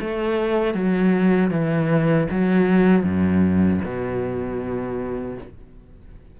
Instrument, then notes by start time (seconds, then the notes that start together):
cello
0.00 A3
0.74 F#3
1.50 E3
2.30 F#3
3.03 F#2
3.84 B2